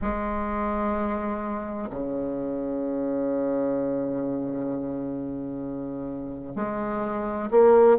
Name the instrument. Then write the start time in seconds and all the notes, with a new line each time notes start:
bassoon
0.01 G#3
1.90 C#3
6.55 G#3
7.50 A#3